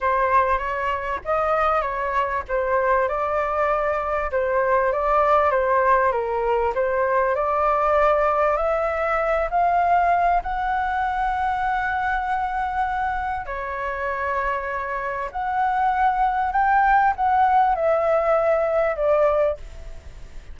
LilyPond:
\new Staff \with { instrumentName = "flute" } { \time 4/4 \tempo 4 = 98 c''4 cis''4 dis''4 cis''4 | c''4 d''2 c''4 | d''4 c''4 ais'4 c''4 | d''2 e''4. f''8~ |
f''4 fis''2.~ | fis''2 cis''2~ | cis''4 fis''2 g''4 | fis''4 e''2 d''4 | }